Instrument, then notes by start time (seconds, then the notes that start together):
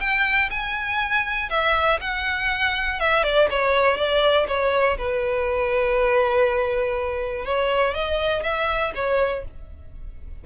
violin
0.00 G5
0.50 G#5
1.50 E5
2.00 F#5
3.00 E5
3.23 D5
3.50 C#5
3.97 D5
4.48 C#5
4.98 B4
7.45 C#5
7.94 D#5
8.43 E5
8.95 C#5